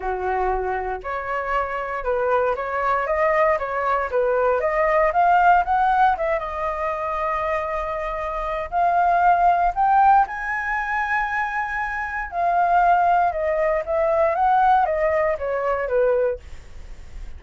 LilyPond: \new Staff \with { instrumentName = "flute" } { \time 4/4 \tempo 4 = 117 fis'2 cis''2 | b'4 cis''4 dis''4 cis''4 | b'4 dis''4 f''4 fis''4 | e''8 dis''2.~ dis''8~ |
dis''4 f''2 g''4 | gis''1 | f''2 dis''4 e''4 | fis''4 dis''4 cis''4 b'4 | }